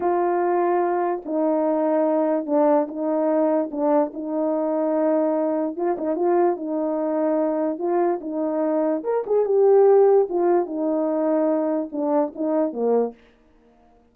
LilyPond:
\new Staff \with { instrumentName = "horn" } { \time 4/4 \tempo 4 = 146 f'2. dis'4~ | dis'2 d'4 dis'4~ | dis'4 d'4 dis'2~ | dis'2 f'8 dis'8 f'4 |
dis'2. f'4 | dis'2 ais'8 gis'8 g'4~ | g'4 f'4 dis'2~ | dis'4 d'4 dis'4 ais4 | }